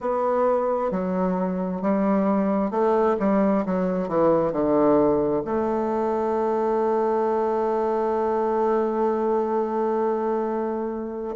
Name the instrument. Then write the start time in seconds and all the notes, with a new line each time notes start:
bassoon
0.00 B3
0.91 F#3
1.81 G3
2.70 A3
3.19 G3
3.65 F#3
4.08 E3
4.52 D3
5.44 A3